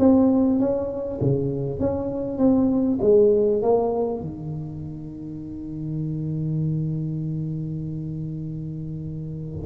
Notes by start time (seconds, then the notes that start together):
0.00 C4
0.60 C#4
1.21 C#3
1.80 C#4
2.39 C4
3.02 G#3
3.62 A#3
4.21 D#3